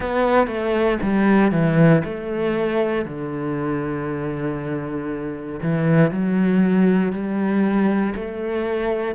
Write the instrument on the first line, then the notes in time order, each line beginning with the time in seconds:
cello
0.00 B3
0.47 A3
1.02 G3
1.51 E3
2.04 A3
3.05 D3
5.62 E3
6.10 F#3
7.12 G3
8.14 A3